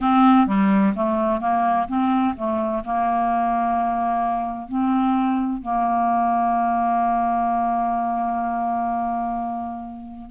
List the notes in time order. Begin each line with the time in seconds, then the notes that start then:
0.00 C4
0.46 G3
0.95 A3
1.40 A#3
1.87 C4
2.36 A3
2.84 A#3
4.68 C4
5.61 A#3